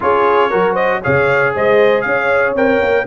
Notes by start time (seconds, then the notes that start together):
0.00 C#4 F4 G#4 C#5
0.50 F#3 F#4 A#4
0.73 C5 D#5
1.02 C#3 G#4 C#5 F5
1.54 G#3 C5 D#5
2.01 C#4 C#5 F5
2.54 C4 A#4 G5
2.81 A#3